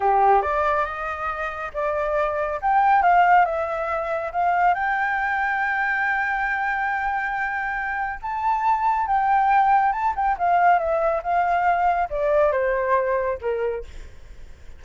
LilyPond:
\new Staff \with { instrumentName = "flute" } { \time 4/4 \tempo 4 = 139 g'4 d''4 dis''2 | d''2 g''4 f''4 | e''2 f''4 g''4~ | g''1~ |
g''2. a''4~ | a''4 g''2 a''8 g''8 | f''4 e''4 f''2 | d''4 c''2 ais'4 | }